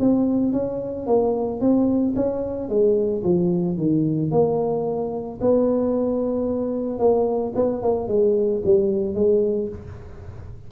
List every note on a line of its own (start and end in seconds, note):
0.00 0.53 C4
0.53 1.07 C#4
1.07 1.61 A#3
1.61 2.15 C4
2.16 2.69 C#4
2.69 3.23 G#3
3.24 3.77 F3
3.77 4.31 D#3
4.31 5.39 A#3
5.41 6.99 B3
6.99 7.53 A#3
7.56 7.82 B3
7.82 8.08 A#3
8.08 8.62 G#3
8.65 9.14 G3
9.14 9.69 G#3